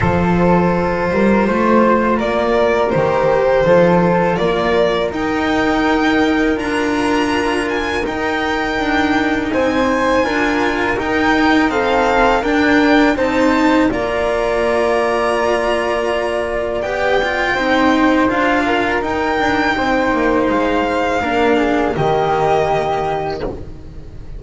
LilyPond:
<<
  \new Staff \with { instrumentName = "violin" } { \time 4/4 \tempo 4 = 82 c''2. d''4 | c''2 d''4 g''4~ | g''4 ais''4. gis''8 g''4~ | g''4 gis''2 g''4 |
f''4 g''4 a''4 ais''4~ | ais''2. g''4~ | g''4 f''4 g''2 | f''2 dis''2 | }
  \new Staff \with { instrumentName = "flute" } { \time 4/4 a'4. ais'8 c''4 ais'4~ | ais'4 a'4 ais'2~ | ais'1~ | ais'4 c''4 ais'2 |
a'4 ais'4 c''4 d''4~ | d''1 | c''4. ais'4. c''4~ | c''4 ais'8 gis'8 g'2 | }
  \new Staff \with { instrumentName = "cello" } { \time 4/4 f'1 | g'4 f'2 dis'4~ | dis'4 f'2 dis'4~ | dis'2 f'4 dis'4 |
c'4 d'4 dis'4 f'4~ | f'2. g'8 f'8 | dis'4 f'4 dis'2~ | dis'4 d'4 ais2 | }
  \new Staff \with { instrumentName = "double bass" } { \time 4/4 f4. g8 a4 ais4 | dis4 f4 ais4 dis'4~ | dis'4 d'2 dis'4 | d'4 c'4 d'4 dis'4~ |
dis'4 d'4 c'4 ais4~ | ais2. b4 | c'4 d'4 dis'8 d'8 c'8 ais8 | gis4 ais4 dis2 | }
>>